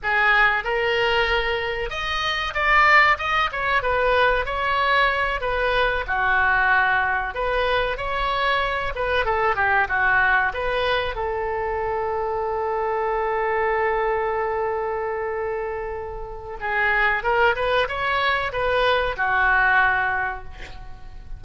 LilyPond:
\new Staff \with { instrumentName = "oboe" } { \time 4/4 \tempo 4 = 94 gis'4 ais'2 dis''4 | d''4 dis''8 cis''8 b'4 cis''4~ | cis''8 b'4 fis'2 b'8~ | b'8 cis''4. b'8 a'8 g'8 fis'8~ |
fis'8 b'4 a'2~ a'8~ | a'1~ | a'2 gis'4 ais'8 b'8 | cis''4 b'4 fis'2 | }